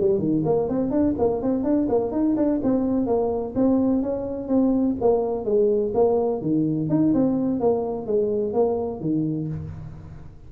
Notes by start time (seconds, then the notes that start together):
0.00 G3
0.19 D#3
0.45 A#3
0.69 C4
0.91 D4
1.19 A#3
1.42 C4
1.64 D4
1.89 A#3
2.12 D#4
2.37 D4
2.63 C4
3.06 A#3
3.55 C4
4.03 C#4
4.48 C4
5.01 A#3
5.45 G#3
5.94 A#3
6.42 D#3
6.90 D#4
7.15 C4
7.60 A#3
8.06 G#3
8.53 A#3
9.00 D#3